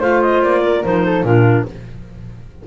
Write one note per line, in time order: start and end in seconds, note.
0.00 0.43 A3
0.00 0.84 F4
0.00 0.62 C5
0.00 0.22 F5
0.22 0.42 D#5
0.43 0.84 A#3
0.43 0.84 D5
0.65 1.06 A#4
0.84 1.23 F3
0.84 1.24 D#4
0.84 1.24 C5
1.06 1.26 A4
1.23 1.65 A#2
1.23 1.66 D4
1.23 1.67 F4
1.23 1.66 A#4